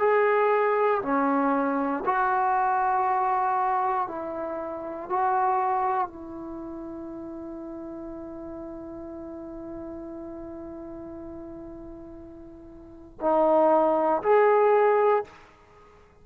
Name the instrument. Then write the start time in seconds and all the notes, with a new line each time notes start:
trombone
0.00 G#4
1.02 C#4
2.06 F#4
4.08 E4
5.09 F#4
6.07 E4
13.21 D#4
14.23 G#4